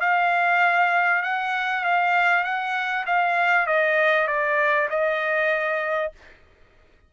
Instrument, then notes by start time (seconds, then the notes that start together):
trumpet
0.00 F5
1.23 F#5
1.84 F5
2.44 F#5
3.06 F5
3.67 D#5
4.27 D5
4.90 D#5